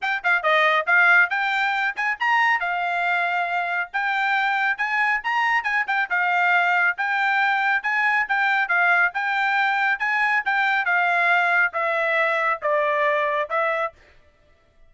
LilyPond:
\new Staff \with { instrumentName = "trumpet" } { \time 4/4 \tempo 4 = 138 g''8 f''8 dis''4 f''4 g''4~ | g''8 gis''8 ais''4 f''2~ | f''4 g''2 gis''4 | ais''4 gis''8 g''8 f''2 |
g''2 gis''4 g''4 | f''4 g''2 gis''4 | g''4 f''2 e''4~ | e''4 d''2 e''4 | }